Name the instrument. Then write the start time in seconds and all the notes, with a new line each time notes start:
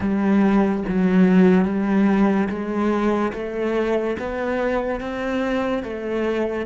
cello
0.00 G3
0.88 F#3
1.64 G3
2.49 G#3
3.33 A3
4.19 B3
5.00 C4
5.83 A3